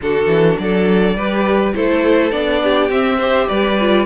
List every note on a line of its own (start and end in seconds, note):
0.01 0.27 D3
0.01 1.17 D4
0.01 0.61 F#4
0.01 0.58 A4
0.27 0.56 E3
0.58 1.15 F#3
0.58 1.16 A4
0.58 1.74 D5
1.15 1.73 G3
1.15 1.74 G4
1.15 1.74 B4
1.74 2.31 A3
1.74 2.31 E4
1.74 2.62 A4
1.74 2.31 C5
2.31 2.89 B3
2.31 2.90 D4
2.31 2.90 D5
2.62 3.18 G4
2.89 3.47 C4
2.89 3.19 C4
2.89 3.48 E5
3.18 3.79 G4
3.18 3.47 C5
3.48 4.06 G3
3.48 4.06 B4
3.48 4.06 D5
3.79 4.06 F4